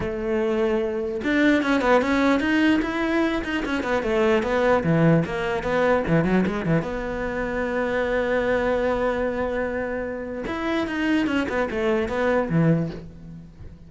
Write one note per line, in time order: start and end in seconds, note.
0.00 1.21 A3
1.24 1.62 D4
1.62 1.81 C#4
1.81 2.01 B3
2.01 2.40 C#4
2.40 2.80 D#4
2.82 3.42 E4
3.43 3.64 D#4
3.65 3.83 C#4
3.83 4.02 B3
4.02 4.42 A3
4.42 4.83 B3
4.83 5.23 E3
5.25 5.63 A#3
5.63 6.03 B3
6.07 6.24 E3
6.24 6.44 F#3
6.46 6.65 G#3
6.65 6.82 E3
6.82 10.44 B3
10.46 10.87 E4
10.87 11.27 D#4
11.27 11.47 C#4
11.48 11.68 B3
11.70 12.08 A3
12.08 12.48 B3
12.49 12.89 E3